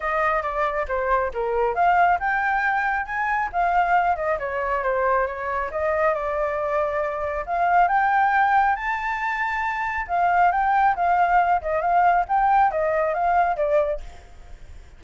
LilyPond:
\new Staff \with { instrumentName = "flute" } { \time 4/4 \tempo 4 = 137 dis''4 d''4 c''4 ais'4 | f''4 g''2 gis''4 | f''4. dis''8 cis''4 c''4 | cis''4 dis''4 d''2~ |
d''4 f''4 g''2 | a''2. f''4 | g''4 f''4. dis''8 f''4 | g''4 dis''4 f''4 d''4 | }